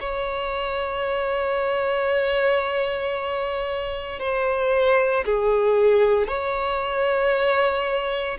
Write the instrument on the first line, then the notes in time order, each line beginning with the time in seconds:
violin
0.00 C#5
4.20 C5
5.25 G#4
6.28 C#5